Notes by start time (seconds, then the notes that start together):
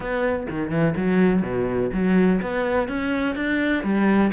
0.00 B3
0.50 D#3
0.70 E3
0.96 F#3
1.42 B2
1.93 F#3
2.41 B3
2.88 C#4
3.35 D4
3.83 G3